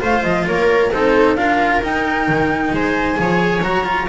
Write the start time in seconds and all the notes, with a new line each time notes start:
0.00 A3 F4 C5 F5
0.24 F3 D#5
0.47 A#3 A#4 C#5
0.93 C4 D#4 A4 C5
1.37 D4 F4 A#4 F5
1.83 D#4 G5
2.29 D#3
2.73 G#3 C5 G#5
3.15 F3 G#4
3.22 C#5
3.63 F#3 F#4 A#5
3.85 F4